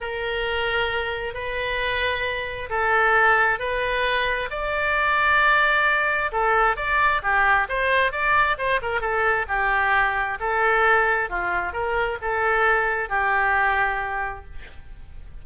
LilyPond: \new Staff \with { instrumentName = "oboe" } { \time 4/4 \tempo 4 = 133 ais'2. b'4~ | b'2 a'2 | b'2 d''2~ | d''2 a'4 d''4 |
g'4 c''4 d''4 c''8 ais'8 | a'4 g'2 a'4~ | a'4 f'4 ais'4 a'4~ | a'4 g'2. | }